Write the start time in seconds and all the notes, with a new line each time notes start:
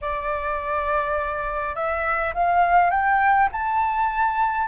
0.01 D5
1.75 E5
2.34 F5
2.90 G5
3.51 A5